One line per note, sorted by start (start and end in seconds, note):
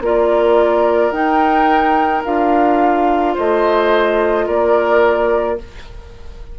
0.00 1.11 A#3
0.00 1.12 F4
0.00 3.34 A#4
0.00 1.11 D5
1.11 2.22 D#4
1.11 2.23 D#4
1.11 2.22 G5
2.24 3.36 D4
2.24 5.57 F4
2.24 3.36 F5
3.34 4.47 A3
3.34 4.45 C5
3.34 4.47 D#5
4.46 5.58 A#3
4.46 5.57 A#4
4.46 5.58 D5